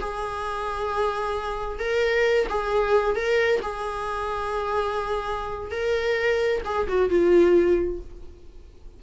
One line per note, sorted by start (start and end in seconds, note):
0.00 1.79 G#4
1.79 2.47 A#4
2.49 3.15 G#4
3.15 3.60 A#4
3.62 5.71 G#4
5.71 6.61 A#4
6.65 6.87 G#4
6.88 7.09 F#4
7.09 7.99 F4